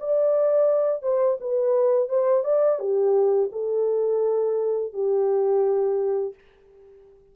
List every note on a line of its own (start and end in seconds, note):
0.00 1.02 D5
1.02 1.38 C5
1.41 2.09 B4
2.09 2.44 C5
2.44 2.79 D5
2.79 3.50 G4
3.52 4.93 A4
4.93 6.34 G4